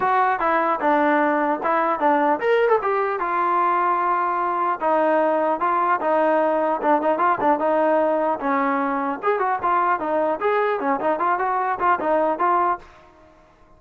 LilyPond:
\new Staff \with { instrumentName = "trombone" } { \time 4/4 \tempo 4 = 150 fis'4 e'4 d'2 | e'4 d'4 ais'8. a'16 g'4 | f'1 | dis'2 f'4 dis'4~ |
dis'4 d'8 dis'8 f'8 d'8 dis'4~ | dis'4 cis'2 gis'8 fis'8 | f'4 dis'4 gis'4 cis'8 dis'8 | f'8 fis'4 f'8 dis'4 f'4 | }